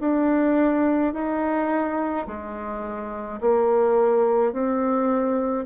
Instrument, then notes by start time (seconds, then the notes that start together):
bassoon
0.00 D4
1.13 D#4
2.27 G#3
3.40 A#3
4.52 C4